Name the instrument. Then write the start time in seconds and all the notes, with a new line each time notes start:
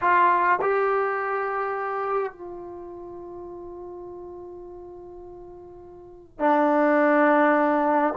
trombone
0.01 F4
0.61 G4
2.32 F4
6.39 D4